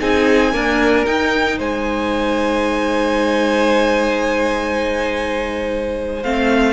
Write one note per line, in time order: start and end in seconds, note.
0.00 0.54 C4
0.00 0.52 D#4
0.00 0.53 G#4
0.00 1.05 G#5
0.52 1.05 A#3
0.52 1.07 D4
0.52 1.58 A#4
1.05 6.23 D#4
1.05 1.60 D#4
1.05 1.59 G5
1.58 6.24 G#3
1.58 6.73 C5
1.58 6.23 G#5
6.23 6.73 A3
6.23 6.73 C4
6.23 6.73 F5